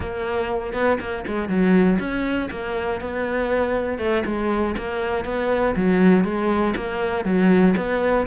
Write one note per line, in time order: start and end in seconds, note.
0.00 0.73 A#3
0.73 0.98 B3
1.00 1.25 A#3
1.27 1.48 G#3
1.48 1.98 F#3
1.99 2.49 C#4
2.50 3.00 A#3
3.00 3.98 B3
3.98 4.23 A3
4.25 4.75 G#3
4.77 5.25 A#3
5.25 5.75 B3
5.76 6.24 F#3
6.24 6.74 G#3
6.75 7.25 A#3
7.25 7.75 F#3
7.76 8.26 B3